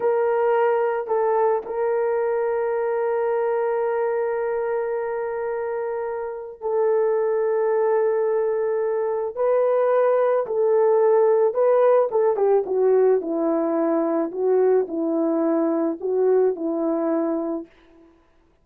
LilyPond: \new Staff \with { instrumentName = "horn" } { \time 4/4 \tempo 4 = 109 ais'2 a'4 ais'4~ | ais'1~ | ais'1 | a'1~ |
a'4 b'2 a'4~ | a'4 b'4 a'8 g'8 fis'4 | e'2 fis'4 e'4~ | e'4 fis'4 e'2 | }